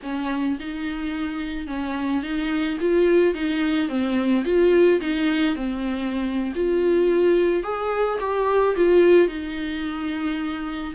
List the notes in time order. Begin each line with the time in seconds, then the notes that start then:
0.03 C#4
0.59 D#4
1.67 C#4
2.22 D#4
2.80 F4
3.34 D#4
3.88 C4
4.44 F4
5.01 D#4
5.55 C4
6.55 F4
7.63 G#4
8.19 G4
8.76 F4
9.27 D#4